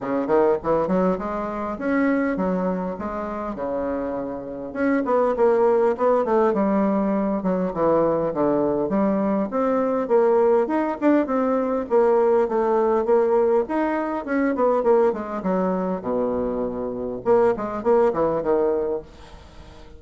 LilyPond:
\new Staff \with { instrumentName = "bassoon" } { \time 4/4 \tempo 4 = 101 cis8 dis8 e8 fis8 gis4 cis'4 | fis4 gis4 cis2 | cis'8 b8 ais4 b8 a8 g4~ | g8 fis8 e4 d4 g4 |
c'4 ais4 dis'8 d'8 c'4 | ais4 a4 ais4 dis'4 | cis'8 b8 ais8 gis8 fis4 b,4~ | b,4 ais8 gis8 ais8 e8 dis4 | }